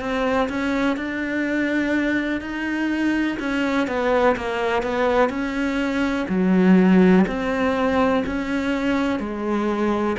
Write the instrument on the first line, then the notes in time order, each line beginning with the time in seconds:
cello
0.00 C4
0.49 C#4
0.97 D4
2.41 D#4
3.39 C#4
3.87 B3
4.36 A#3
4.82 B3
5.29 C#4
6.28 F#3
7.27 C4
8.26 C#4
9.19 G#3